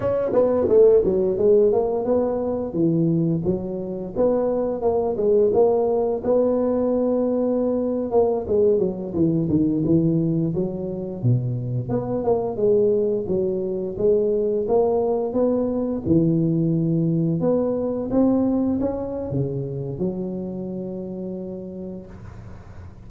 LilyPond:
\new Staff \with { instrumentName = "tuba" } { \time 4/4 \tempo 4 = 87 cis'8 b8 a8 fis8 gis8 ais8 b4 | e4 fis4 b4 ais8 gis8 | ais4 b2~ b8. ais16~ | ais16 gis8 fis8 e8 dis8 e4 fis8.~ |
fis16 b,4 b8 ais8 gis4 fis8.~ | fis16 gis4 ais4 b4 e8.~ | e4~ e16 b4 c'4 cis'8. | cis4 fis2. | }